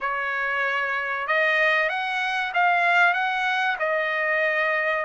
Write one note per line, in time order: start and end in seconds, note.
0.00 1.27 C#5
1.27 1.89 D#5
1.89 2.52 F#5
2.53 3.13 F5
3.13 3.76 F#5
3.79 5.05 D#5